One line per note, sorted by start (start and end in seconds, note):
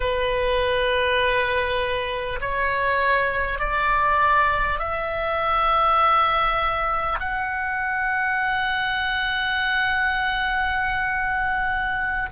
0.00 2.39 B4
2.40 3.59 C#5
3.59 4.79 D5
4.79 7.19 E5
7.19 12.29 F#5